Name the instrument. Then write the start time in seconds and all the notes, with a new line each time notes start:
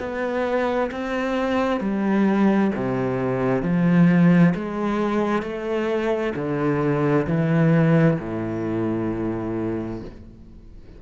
cello
0.00 B3
0.92 C4
1.81 G3
2.76 C3
3.63 F3
4.55 G#3
5.43 A3
6.36 D3
7.27 E3
8.20 A2